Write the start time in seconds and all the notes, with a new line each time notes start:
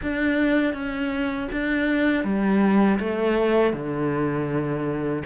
0.02 D4
0.73 C#4
1.51 D4
2.23 G3
2.99 A3
3.73 D3